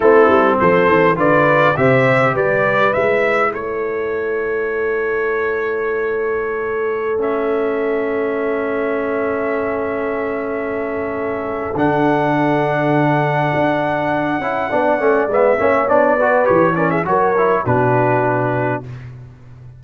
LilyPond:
<<
  \new Staff \with { instrumentName = "trumpet" } { \time 4/4 \tempo 4 = 102 a'4 c''4 d''4 e''4 | d''4 e''4 cis''2~ | cis''1~ | cis''16 e''2.~ e''8.~ |
e''1 | fis''1~ | fis''2 e''4 d''4 | cis''8 d''16 e''16 cis''4 b'2 | }
  \new Staff \with { instrumentName = "horn" } { \time 4/4 e'4 a'4 b'4 c''4 | b'2 a'2~ | a'1~ | a'1~ |
a'1~ | a'1~ | a'4 d''4. cis''4 b'8~ | b'8 ais'16 gis'16 ais'4 fis'2 | }
  \new Staff \with { instrumentName = "trombone" } { \time 4/4 c'2 f'4 g'4~ | g'4 e'2.~ | e'1~ | e'16 cis'2.~ cis'8.~ |
cis'1 | d'1~ | d'8 e'8 d'8 cis'8 b8 cis'8 d'8 fis'8 | g'8 cis'8 fis'8 e'8 d'2 | }
  \new Staff \with { instrumentName = "tuba" } { \time 4/4 a8 g8 f8 e8 d4 c4 | g4 gis4 a2~ | a1~ | a1~ |
a1 | d2. d'4~ | d'8 cis'8 b8 a8 gis8 ais8 b4 | e4 fis4 b,2 | }
>>